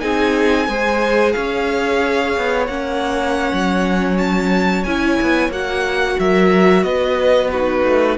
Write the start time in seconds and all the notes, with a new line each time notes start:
0.00 C4 D#4 G#4 G#5
0.68 G#3 G#4 C5
1.32 C#4 C#5 F5
2.37 B3
2.67 A#3 C#4 F#5
3.53 F#3
4.17 A5
4.84 C#4 E4 G#5
5.21 B3
5.49 A#3 F#4 F#5
6.19 F#3 A#4 E5
6.83 B3 B4 D#5
7.51 D#4 F#4 B4
7.84 A3